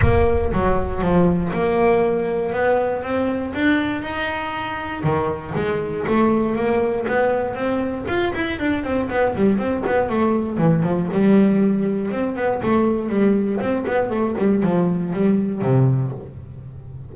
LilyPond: \new Staff \with { instrumentName = "double bass" } { \time 4/4 \tempo 4 = 119 ais4 fis4 f4 ais4~ | ais4 b4 c'4 d'4 | dis'2 dis4 gis4 | a4 ais4 b4 c'4 |
f'8 e'8 d'8 c'8 b8 g8 c'8 b8 | a4 e8 f8 g2 | c'8 b8 a4 g4 c'8 b8 | a8 g8 f4 g4 c4 | }